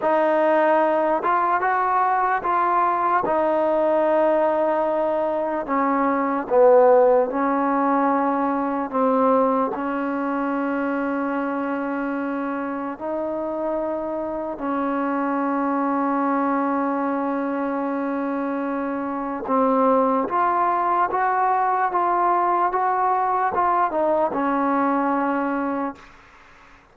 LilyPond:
\new Staff \with { instrumentName = "trombone" } { \time 4/4 \tempo 4 = 74 dis'4. f'8 fis'4 f'4 | dis'2. cis'4 | b4 cis'2 c'4 | cis'1 |
dis'2 cis'2~ | cis'1 | c'4 f'4 fis'4 f'4 | fis'4 f'8 dis'8 cis'2 | }